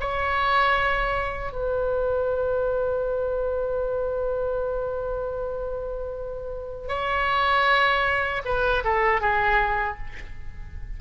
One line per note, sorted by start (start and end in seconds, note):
0.00 1.52 C#5
1.52 6.88 B4
6.88 8.42 C#5
8.45 8.83 B4
8.84 9.21 A4
9.21 9.98 G#4